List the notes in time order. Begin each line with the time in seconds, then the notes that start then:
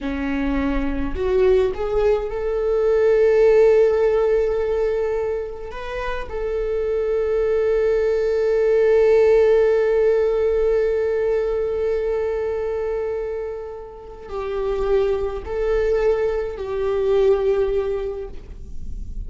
0.01 C#4
1.15 F#4
1.74 G#4
2.29 A4
5.71 B4
6.29 A4
14.28 G4
15.45 A4
16.57 G4